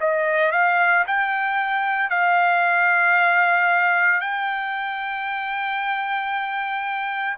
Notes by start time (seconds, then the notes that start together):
0.00 D#5
0.52 F5
1.07 G5
2.10 F5
4.21 G5